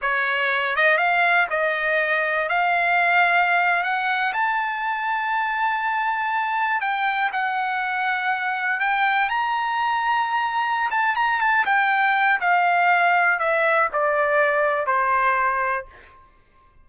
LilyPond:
\new Staff \with { instrumentName = "trumpet" } { \time 4/4 \tempo 4 = 121 cis''4. dis''8 f''4 dis''4~ | dis''4 f''2~ f''8. fis''16~ | fis''8. a''2.~ a''16~ | a''4.~ a''16 g''4 fis''4~ fis''16~ |
fis''4.~ fis''16 g''4 ais''4~ ais''16~ | ais''2 a''8 ais''8 a''8 g''8~ | g''4 f''2 e''4 | d''2 c''2 | }